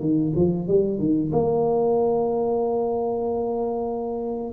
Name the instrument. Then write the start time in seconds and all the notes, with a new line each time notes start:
tuba
0.00 D#3
0.35 F3
0.67 G3
0.99 D#3
1.32 A#3